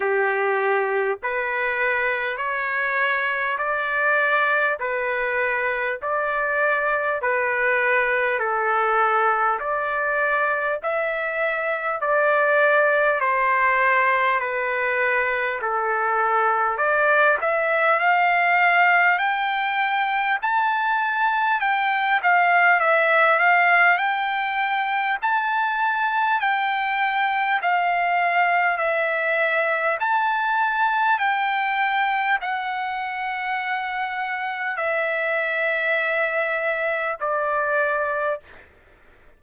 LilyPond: \new Staff \with { instrumentName = "trumpet" } { \time 4/4 \tempo 4 = 50 g'4 b'4 cis''4 d''4 | b'4 d''4 b'4 a'4 | d''4 e''4 d''4 c''4 | b'4 a'4 d''8 e''8 f''4 |
g''4 a''4 g''8 f''8 e''8 f''8 | g''4 a''4 g''4 f''4 | e''4 a''4 g''4 fis''4~ | fis''4 e''2 d''4 | }